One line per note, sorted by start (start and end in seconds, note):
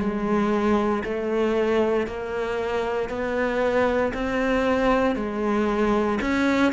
0.00 1.03 G#3
1.04 2.07 A3
2.07 3.09 A#3
3.09 4.13 B3
4.14 5.16 C4
5.16 6.20 G#3
6.22 6.73 C#4